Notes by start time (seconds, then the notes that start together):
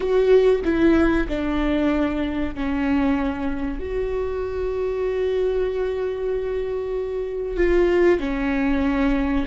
0.00 F#4
0.64 E4
1.28 D4
2.54 C#4
3.79 F#4
7.56 F4
8.19 C#4